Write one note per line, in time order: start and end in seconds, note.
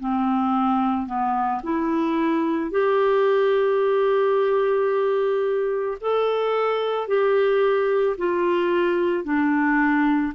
0.00 1.07 C4
1.07 1.62 B3
1.64 2.71 E4
2.71 5.99 G4
6.01 7.08 A4
7.08 8.17 G4
8.18 9.24 F4
9.24 10.33 D4